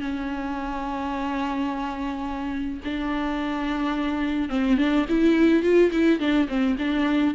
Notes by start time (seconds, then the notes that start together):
0.00 C#4
2.84 D4
4.49 C4
4.77 D4
5.08 E4
5.62 F4
5.91 E4
6.19 D4
6.48 C4
6.78 D4